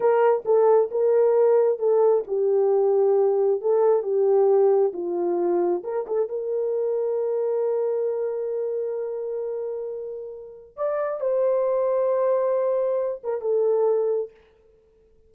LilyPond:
\new Staff \with { instrumentName = "horn" } { \time 4/4 \tempo 4 = 134 ais'4 a'4 ais'2 | a'4 g'2. | a'4 g'2 f'4~ | f'4 ais'8 a'8 ais'2~ |
ais'1~ | ais'1 | d''4 c''2.~ | c''4. ais'8 a'2 | }